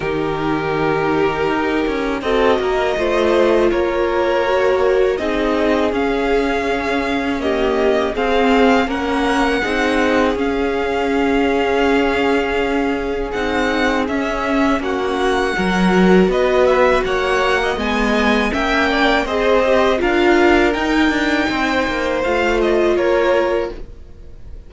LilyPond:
<<
  \new Staff \with { instrumentName = "violin" } { \time 4/4 \tempo 4 = 81 ais'2. dis''4~ | dis''4 cis''2 dis''4 | f''2 dis''4 f''4 | fis''2 f''2~ |
f''2 fis''4 e''4 | fis''2 dis''8 e''8 fis''4 | gis''4 g''4 dis''4 f''4 | g''2 f''8 dis''8 cis''4 | }
  \new Staff \with { instrumentName = "violin" } { \time 4/4 g'2. a'8 ais'8 | c''4 ais'2 gis'4~ | gis'2 g'4 gis'4 | ais'4 gis'2.~ |
gis'1 | fis'4 ais'4 b'4 cis''8. dis''16~ | dis''4 e''8 d''8 c''4 ais'4~ | ais'4 c''2 ais'4 | }
  \new Staff \with { instrumentName = "viola" } { \time 4/4 dis'2. fis'4 | f'2 fis'4 dis'4 | cis'2 ais4 c'4 | cis'4 dis'4 cis'2~ |
cis'2 dis'4 cis'4~ | cis'4 fis'2. | b4 cis'4 gis'8 g'8 f'4 | dis'2 f'2 | }
  \new Staff \with { instrumentName = "cello" } { \time 4/4 dis2 dis'8 cis'8 c'8 ais8 | a4 ais2 c'4 | cis'2. c'4 | ais4 c'4 cis'2~ |
cis'2 c'4 cis'4 | ais4 fis4 b4 ais4 | gis4 ais4 c'4 d'4 | dis'8 d'8 c'8 ais8 a4 ais4 | }
>>